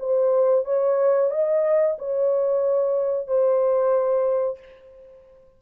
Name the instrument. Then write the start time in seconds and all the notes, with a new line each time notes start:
horn
0.00 C5
0.65 C#5
1.31 D#5
1.98 C#5
3.27 C5